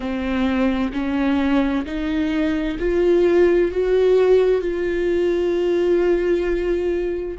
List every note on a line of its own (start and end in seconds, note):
0.00 0.92 C4
0.92 1.85 C#4
1.85 2.77 D#4
2.79 3.71 F4
3.71 4.61 F#4
4.61 7.38 F4